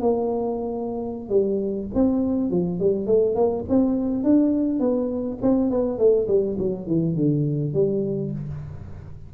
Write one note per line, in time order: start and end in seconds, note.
0.00 1.29 A#3
1.29 1.87 G3
1.95 2.50 C4
2.50 2.79 F3
2.79 3.07 G3
3.07 3.35 A3
3.35 3.64 A#3
3.69 4.24 C4
4.24 4.80 D4
4.80 5.38 B3
5.42 5.70 C4
5.70 5.98 B3
5.98 6.27 A3
6.28 6.57 G3
6.59 6.87 F#3
6.87 7.16 E3
7.16 7.73 D3
7.73 8.32 G3